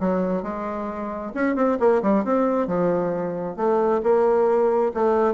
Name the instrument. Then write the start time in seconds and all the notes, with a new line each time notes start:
bassoon
0.00 F#3
0.43 G#3
1.35 C#4
1.56 C4
1.80 A#3
2.03 G3
2.24 C4
2.67 F3
3.57 A3
4.03 A#3
4.94 A3